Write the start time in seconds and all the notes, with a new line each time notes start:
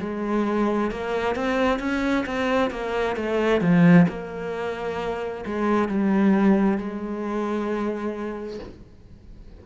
0.00 G#3
0.91 A#3
1.35 C4
1.79 C#4
2.26 C4
2.71 A#3
3.16 A3
3.61 F3
4.08 A#3
5.45 G#3
5.88 G3
6.78 G#3